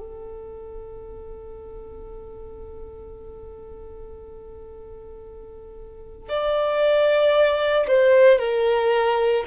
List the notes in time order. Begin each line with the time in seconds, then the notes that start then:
0.00 A4
6.29 D5
7.88 C5
8.39 A#4